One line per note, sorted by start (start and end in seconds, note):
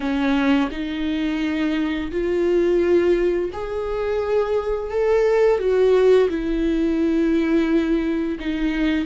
0.00 0.69 C#4
0.71 2.11 D#4
2.11 3.50 F4
3.52 4.91 G#4
4.91 5.58 A4
5.58 6.28 F#4
6.29 8.38 E4
8.39 9.05 D#4